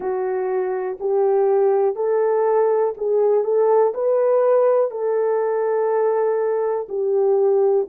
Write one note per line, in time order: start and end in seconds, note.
0.00 0.98 F#4
1.00 1.95 G4
1.95 2.94 A4
2.97 3.43 G#4
3.43 3.93 A4
3.93 4.90 B4
4.90 6.87 A4
6.89 7.87 G4